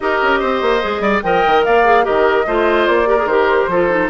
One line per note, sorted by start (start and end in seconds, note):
0.00 0.21 D#4
0.00 0.81 G4
0.00 0.39 A#4
0.00 1.20 D#5
0.21 0.42 C#4
0.39 0.61 C4
0.39 1.01 C5
0.61 0.82 A#3
0.81 1.00 G#3
0.81 1.22 G#4
1.00 1.20 G3
1.00 1.22 D5
1.22 1.44 F3
1.22 1.84 A#4
1.22 1.65 D#5
1.22 1.63 G5
1.46 1.66 D#3
1.64 2.07 A#3
1.64 2.04 D5
1.64 2.04 F5
1.84 2.03 G#4
2.03 2.46 D#3
2.03 2.44 G4
2.03 2.45 A#4
2.03 2.86 D#5
2.46 2.87 A3
2.46 3.06 F4
2.46 3.08 C5
2.86 3.25 A#3
2.86 3.27 D5
3.06 3.16 G4
3.06 3.70 A#4
3.17 3.27 G#4
3.25 3.66 D#3
3.25 3.70 G4
3.25 4.09 C5
3.67 4.08 F3
3.67 3.89 F4
3.67 4.10 A4
3.89 4.10 D#4